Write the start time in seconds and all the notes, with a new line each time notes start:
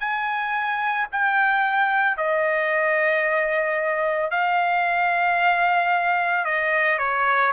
0.00 G#5
1.12 G5
2.17 D#5
4.31 F5
6.45 D#5
6.98 C#5